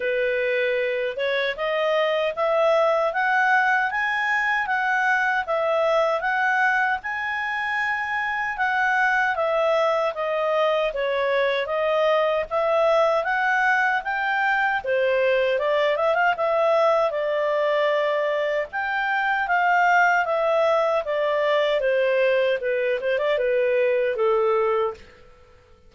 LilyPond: \new Staff \with { instrumentName = "clarinet" } { \time 4/4 \tempo 4 = 77 b'4. cis''8 dis''4 e''4 | fis''4 gis''4 fis''4 e''4 | fis''4 gis''2 fis''4 | e''4 dis''4 cis''4 dis''4 |
e''4 fis''4 g''4 c''4 | d''8 e''16 f''16 e''4 d''2 | g''4 f''4 e''4 d''4 | c''4 b'8 c''16 d''16 b'4 a'4 | }